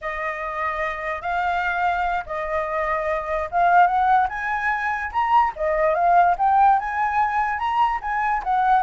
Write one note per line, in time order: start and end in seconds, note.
0.01 1.21 D#5
1.21 2.24 F5
2.26 3.49 D#5
3.51 3.86 F5
3.86 4.27 F#5
4.29 5.11 G#5
5.12 5.53 A#5
5.56 5.94 D#5
5.94 6.35 F5
6.38 6.79 G5
6.79 7.58 G#5
7.58 7.99 A#5
8.01 8.42 G#5
8.43 8.82 F#5